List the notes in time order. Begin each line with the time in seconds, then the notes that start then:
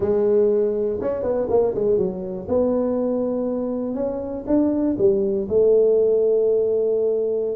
0.00 G#3
1.01 C#4
1.23 B3
1.49 A#3
1.74 G#3
1.97 F#3
2.48 B3
3.94 C#4
4.46 D4
4.97 G3
5.48 A3